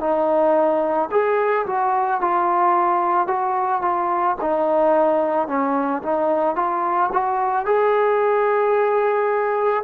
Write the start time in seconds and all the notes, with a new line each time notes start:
0.00 D#4
1.11 G#4
1.66 F#4
2.21 F4
3.27 F#4
3.81 F4
4.41 D#4
5.47 C#4
6.02 D#4
6.56 F4
7.13 F#4
7.66 G#4